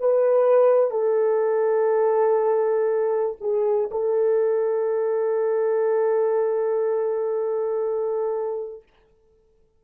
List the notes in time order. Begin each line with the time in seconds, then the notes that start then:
0.00 B4
0.91 A4
3.40 G#4
3.91 A4